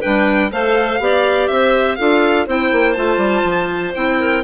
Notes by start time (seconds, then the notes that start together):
0.00 G3 D4 B4 G5
0.51 A3 A4 C5 F5
0.99 B3 G4 D5
1.47 C4 C5 E5
1.95 D4 F4 A4 F5
2.46 C4 E4 C5 G5
2.71 A#3
2.93 A3 F4 A5
3.17 G3
3.43 F3
3.94 C4 E4 G5
4.19 A#4